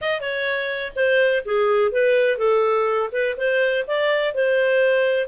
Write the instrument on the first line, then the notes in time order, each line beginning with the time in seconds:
clarinet
0.01 D#5
0.21 C#5
0.95 C5
1.45 G#4
1.91 B4
2.38 A4
3.12 B4
3.37 C5
3.87 D5
4.34 C5